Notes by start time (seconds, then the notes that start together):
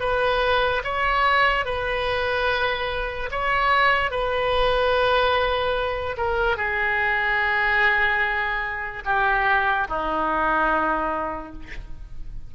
0.00 B4
0.84 C#5
1.65 B4
3.31 C#5
4.11 B4
6.17 A#4
6.57 G#4
9.05 G4
9.88 D#4